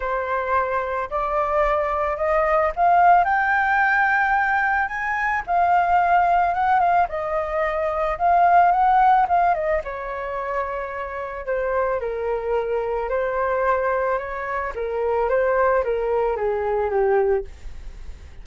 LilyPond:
\new Staff \with { instrumentName = "flute" } { \time 4/4 \tempo 4 = 110 c''2 d''2 | dis''4 f''4 g''2~ | g''4 gis''4 f''2 | fis''8 f''8 dis''2 f''4 |
fis''4 f''8 dis''8 cis''2~ | cis''4 c''4 ais'2 | c''2 cis''4 ais'4 | c''4 ais'4 gis'4 g'4 | }